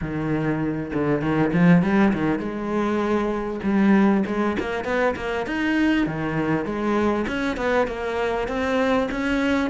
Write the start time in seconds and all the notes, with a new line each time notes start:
0.01 D#3
0.93 D3
1.21 D#3
1.52 F3
1.82 G3
2.13 D#3
2.38 G#3
3.63 G3
4.26 G#3
4.59 A#3
4.84 B3
5.16 A#3
5.46 D#4
6.06 D#3
6.65 G#3
7.27 C#4
7.56 B3
7.87 A#3
8.47 C4
9.11 C#4